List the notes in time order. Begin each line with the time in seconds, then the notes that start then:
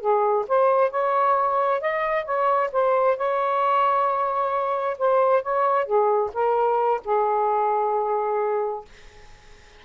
0.00 G#4
0.48 C5
0.91 C#5
1.81 D#5
2.25 C#5
2.72 C5
3.17 C#5
4.98 C5
5.43 C#5
5.85 G#4
6.33 A#4
7.04 G#4